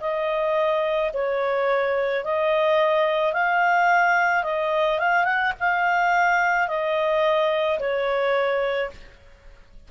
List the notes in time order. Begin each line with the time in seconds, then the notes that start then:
0.00 D#5
1.14 C#5
2.24 D#5
3.33 F5
4.43 D#5
4.99 F5
5.24 F#5
5.60 F5
6.68 D#5
7.79 C#5